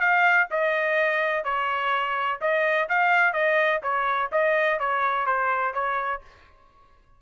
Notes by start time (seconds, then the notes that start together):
0.00 F5
0.51 D#5
1.44 C#5
2.41 D#5
2.89 F5
3.33 D#5
3.82 C#5
4.32 D#5
4.79 C#5
5.26 C5
5.74 C#5